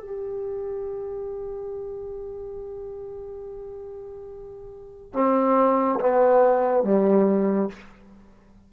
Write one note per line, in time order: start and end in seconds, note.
0.00 5.13 G4
5.13 5.99 C4
6.00 6.83 B3
6.83 7.69 G3